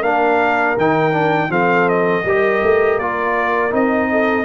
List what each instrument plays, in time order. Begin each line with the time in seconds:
0.00 tuba A#3, trombone D4, horn A#4, trumpet F5
0.77 tuba D#3, trombone D#4, trumpet G5
1.12 trombone D4
1.49 tuba F3, trombone C4, horn A4, trumpet F5
1.89 trumpet D#5
2.25 tuba G3, trombone G4, horn A#4
2.62 tuba A3
2.98 tuba A#3, trombone F4, trumpet D5
3.70 tuba C4, trombone D#4, trumpet D#5
4.11 horn A4